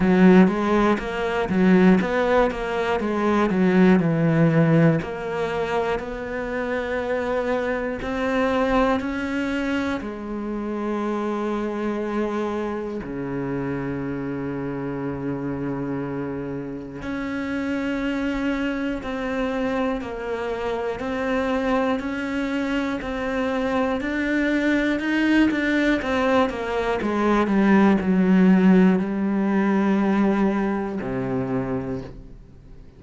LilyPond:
\new Staff \with { instrumentName = "cello" } { \time 4/4 \tempo 4 = 60 fis8 gis8 ais8 fis8 b8 ais8 gis8 fis8 | e4 ais4 b2 | c'4 cis'4 gis2~ | gis4 cis2.~ |
cis4 cis'2 c'4 | ais4 c'4 cis'4 c'4 | d'4 dis'8 d'8 c'8 ais8 gis8 g8 | fis4 g2 c4 | }